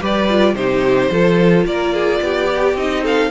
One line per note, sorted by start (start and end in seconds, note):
0.00 0.54 G3
0.00 0.28 G4
0.00 0.55 B4
0.00 0.55 D5
0.29 0.56 F4
0.54 1.09 C3
0.54 1.11 D#4
0.54 1.12 G4
0.54 1.65 C5
1.11 1.65 F3
1.11 2.48 F4
1.11 1.67 A4
1.65 2.20 A#3
1.65 1.94 A#4
1.65 2.77 D5
1.94 2.21 G#4
2.21 2.74 B3
2.21 3.03 G4
2.48 2.75 G4
2.74 3.29 C4
2.74 3.31 D#4
2.74 3.04 D#5
3.03 3.31 A4
3.03 3.31 F5